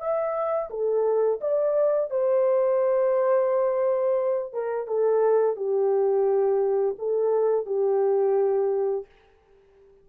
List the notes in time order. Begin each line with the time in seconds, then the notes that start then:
0.00 E5
0.70 A4
1.41 D5
2.11 C5
4.53 A#4
4.87 A4
5.57 G4
6.99 A4
7.66 G4